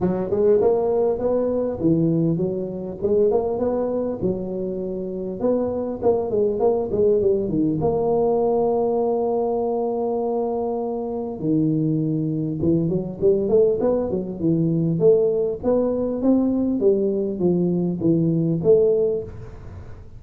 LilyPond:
\new Staff \with { instrumentName = "tuba" } { \time 4/4 \tempo 4 = 100 fis8 gis8 ais4 b4 e4 | fis4 gis8 ais8 b4 fis4~ | fis4 b4 ais8 gis8 ais8 gis8 | g8 dis8 ais2.~ |
ais2. dis4~ | dis4 e8 fis8 g8 a8 b8 fis8 | e4 a4 b4 c'4 | g4 f4 e4 a4 | }